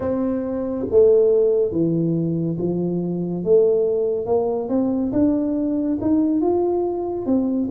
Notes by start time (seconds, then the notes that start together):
0.00 C4
0.90 A3
1.71 E3
2.58 F3
3.44 A3
4.25 A#3
4.69 C4
5.12 D4
6.01 D#4
6.41 F4
7.26 C4